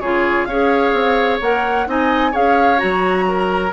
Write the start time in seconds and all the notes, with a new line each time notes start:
0.00 C#3 F4 G#4 C#5
0.45 C#4 G#4 C#5 F5
0.93 C4
1.41 A#3 A#4 F#5
1.87 C4 D#4 D#5 G#5
2.31 C#4 G#4 C#5 F5
2.77 F#3 F#4 A#5
3.28 A#4